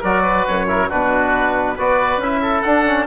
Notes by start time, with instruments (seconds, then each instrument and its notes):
0.00 bassoon F#3, trombone F#4, oboe A#4 D5
0.22 oboe B4
0.47 bassoon F#2, oboe C#5
0.67 trombone E4, oboe A#4
0.88 bassoon B2, trombone D4, oboe F#4 B4
1.75 bassoon B3, trombone F#4, oboe B4 D5
2.17 bassoon C#4, trombone E4, oboe E5
2.42 oboe A4
2.62 trombone D4, bassoon D4, oboe F#5
2.86 trombone C#4